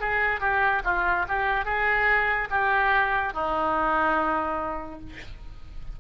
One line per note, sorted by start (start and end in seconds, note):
0.00 0.40 G#4
0.40 0.82 G4
0.84 1.26 F4
1.28 1.65 G4
1.65 2.48 G#4
2.50 3.33 G4
3.33 5.00 D#4